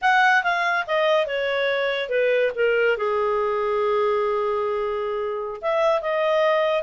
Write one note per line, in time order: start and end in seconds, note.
0.01 0.43 F#5
0.43 0.85 F5
0.86 1.26 D#5
1.26 2.09 C#5
2.09 2.51 B4
2.55 2.97 A#4
2.97 5.61 G#4
5.61 6.01 E5
6.01 6.83 D#5